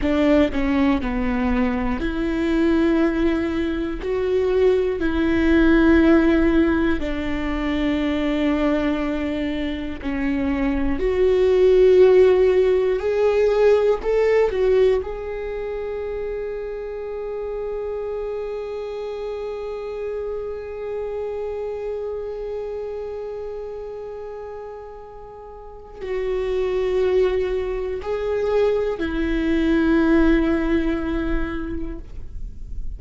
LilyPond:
\new Staff \with { instrumentName = "viola" } { \time 4/4 \tempo 4 = 60 d'8 cis'8 b4 e'2 | fis'4 e'2 d'4~ | d'2 cis'4 fis'4~ | fis'4 gis'4 a'8 fis'8 gis'4~ |
gis'1~ | gis'1~ | gis'2 fis'2 | gis'4 e'2. | }